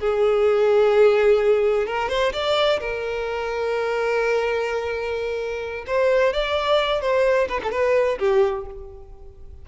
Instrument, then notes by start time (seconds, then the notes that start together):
violin
0.00 G#4
1.87 A#4
2.09 C5
2.33 D5
2.80 A#4
5.87 C5
6.33 D5
7.01 C5
7.49 B4
7.63 A4
7.71 B4
8.19 G4